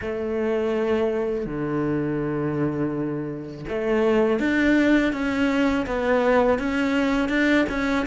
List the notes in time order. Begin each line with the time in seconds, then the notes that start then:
0.01 A3
1.45 D3
3.69 A3
4.39 D4
5.12 C#4
5.86 B3
6.58 C#4
7.28 D4
7.69 C#4